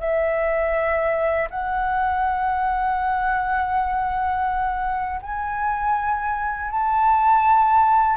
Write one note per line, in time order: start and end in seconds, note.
0.00 1.48 E5
1.50 5.21 F#5
5.22 6.70 G#5
6.70 8.17 A5